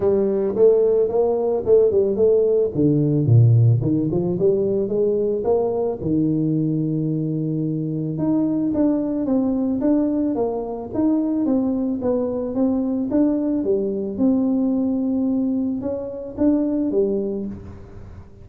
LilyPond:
\new Staff \with { instrumentName = "tuba" } { \time 4/4 \tempo 4 = 110 g4 a4 ais4 a8 g8 | a4 d4 ais,4 dis8 f8 | g4 gis4 ais4 dis4~ | dis2. dis'4 |
d'4 c'4 d'4 ais4 | dis'4 c'4 b4 c'4 | d'4 g4 c'2~ | c'4 cis'4 d'4 g4 | }